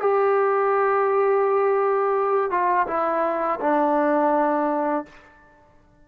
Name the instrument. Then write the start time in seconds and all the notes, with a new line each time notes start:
trombone
0.00 G4
2.50 F4
2.87 E4
3.60 D4